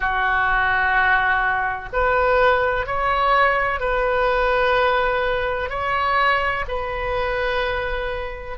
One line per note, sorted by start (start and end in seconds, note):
0.00 1.89 F#4
1.92 2.86 B4
2.86 3.80 C#5
3.80 5.69 B4
5.69 6.64 C#5
6.68 8.57 B4